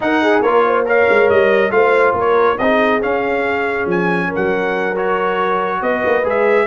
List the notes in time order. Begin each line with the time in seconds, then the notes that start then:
0.00 D#4 A#4 F#5
0.22 G#4
0.41 A#3 F4 A#4 C#5
0.66 C5
0.85 A#4 C#5 F5
1.09 G#3
1.29 G3 D#5
1.70 A3 F4 C5 F5
2.13 A#3 A#4 C#5
2.58 C4 D#4 G#4 D#5
3.00 C#4 F5
3.85 F3 G#5
4.28 A#4
4.35 F#3 F#5
4.95 F#4 C#5
5.80 B3 B4 D#5
6.05 A#3
6.24 G#3 G#4 E5